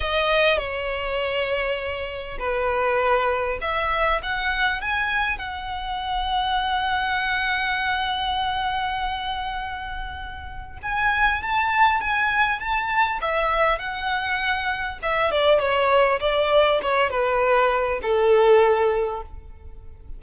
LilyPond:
\new Staff \with { instrumentName = "violin" } { \time 4/4 \tempo 4 = 100 dis''4 cis''2. | b'2 e''4 fis''4 | gis''4 fis''2.~ | fis''1~ |
fis''2 gis''4 a''4 | gis''4 a''4 e''4 fis''4~ | fis''4 e''8 d''8 cis''4 d''4 | cis''8 b'4. a'2 | }